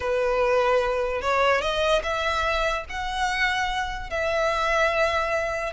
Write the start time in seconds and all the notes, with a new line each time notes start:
0.00 B4
1.21 C#5
1.61 D#5
2.03 E5
2.89 F#5
4.09 E5